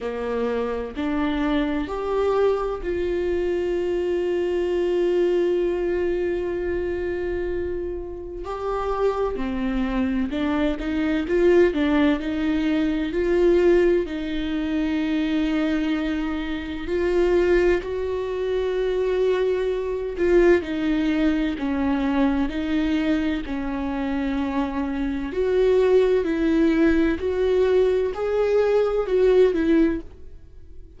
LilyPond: \new Staff \with { instrumentName = "viola" } { \time 4/4 \tempo 4 = 64 ais4 d'4 g'4 f'4~ | f'1~ | f'4 g'4 c'4 d'8 dis'8 | f'8 d'8 dis'4 f'4 dis'4~ |
dis'2 f'4 fis'4~ | fis'4. f'8 dis'4 cis'4 | dis'4 cis'2 fis'4 | e'4 fis'4 gis'4 fis'8 e'8 | }